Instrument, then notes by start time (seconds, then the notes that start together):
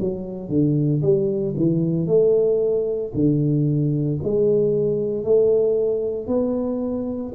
tuba
0.00 F#3
0.49 D3
1.02 G3
1.57 E3
2.07 A3
3.14 D3
4.23 G#3
5.24 A3
6.27 B3